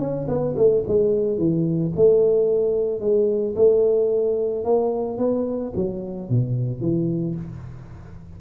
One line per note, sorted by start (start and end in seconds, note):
0.00 0.27 C#4
0.28 0.56 B3
0.57 0.84 A3
0.88 1.38 G#3
1.38 1.93 E3
1.96 3.00 A3
3.00 3.55 G#3
3.56 4.64 A3
4.64 5.18 A#3
5.18 5.73 B3
5.76 6.30 F#3
6.30 6.81 B2
6.81 7.36 E3